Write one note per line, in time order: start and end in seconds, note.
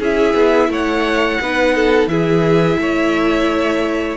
0.00 0.34 C#4
0.00 1.42 E4
0.00 0.70 G#4
0.00 0.73 E5
0.34 0.69 B3
0.69 1.39 A3
0.69 1.41 C#5
0.69 2.08 F#5
1.41 2.07 B3
1.41 2.10 D#4
1.41 1.75 B4
1.75 2.10 A4
2.07 2.77 E3
2.07 4.17 E4
2.07 2.81 G#4
2.07 4.17 E5
2.78 4.17 A3
2.78 4.17 C#5